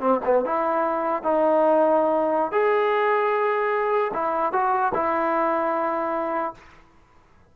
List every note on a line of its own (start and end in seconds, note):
0.00 0.20 C4
0.25 0.45 B3
0.45 1.23 E4
1.23 2.52 D#4
2.52 4.12 G#4
4.13 4.52 E4
4.52 4.92 F#4
4.94 6.54 E4